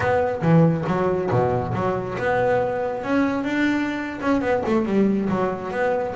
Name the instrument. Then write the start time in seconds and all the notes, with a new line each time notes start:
double bass
0.00 B3
0.41 E3
0.86 F#3
1.30 B2
1.74 F#3
2.18 B3
3.03 C#4
3.44 D4
4.21 C#4
4.41 B3
4.66 A3
4.85 G3
5.29 F#3
5.71 B3